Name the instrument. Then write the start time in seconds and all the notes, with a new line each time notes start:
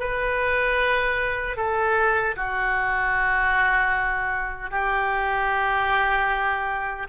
oboe
0.00 B4
1.57 A4
2.36 F#4
4.71 G4